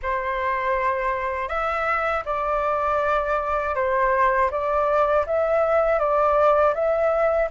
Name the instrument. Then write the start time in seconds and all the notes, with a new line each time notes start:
flute
0.02 C5
1.48 E5
2.25 D5
3.75 C5
4.50 D5
5.26 E5
5.99 D5
6.74 E5